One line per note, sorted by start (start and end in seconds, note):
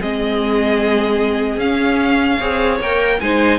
0.00 1.57 G#3
0.00 1.60 C4
0.00 2.37 G#4
0.00 1.59 D#5
1.57 2.37 C#4
1.57 2.40 C#4
1.57 2.79 F5
2.37 2.80 C4
2.37 2.80 G#4
2.37 3.17 C#5
2.80 3.20 A#3
2.80 3.21 A#4
2.80 3.20 G5
3.20 3.59 G#3
3.20 3.59 D#4
3.20 3.59 C5
3.20 3.59 G#5